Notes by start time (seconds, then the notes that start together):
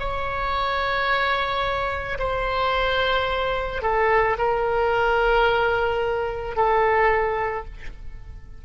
0.00 C#5
2.19 C5
3.82 A4
4.38 A#4
6.57 A4